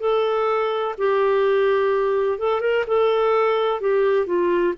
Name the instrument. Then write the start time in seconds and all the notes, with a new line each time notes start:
clarinet
0.00 A4
0.98 G4
2.39 A4
2.61 A#4
2.87 A4
3.81 G4
4.26 F4